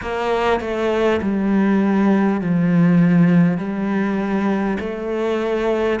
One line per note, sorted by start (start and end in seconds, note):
0.01 0.60 A#3
0.60 1.20 A3
1.21 2.40 G3
2.40 3.57 F3
3.57 4.77 G3
4.79 5.99 A3